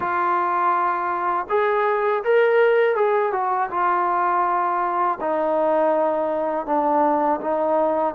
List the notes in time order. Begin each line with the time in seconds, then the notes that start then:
0.00 F4
1.49 G#4
2.24 A#4
2.95 G#4
3.32 F#4
3.70 F4
5.20 D#4
6.65 D4
7.41 D#4